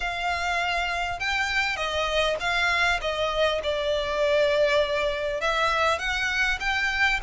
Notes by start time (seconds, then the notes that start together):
0.00 F5
1.19 G5
1.76 D#5
2.40 F5
3.01 D#5
3.63 D5
5.40 E5
5.98 F#5
6.60 G5